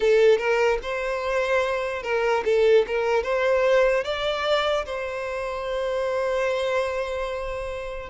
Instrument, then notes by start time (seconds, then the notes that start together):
violin
0.00 A4
0.38 A#4
0.82 C5
2.03 A#4
2.45 A4
2.87 A#4
3.23 C5
4.04 D5
4.85 C5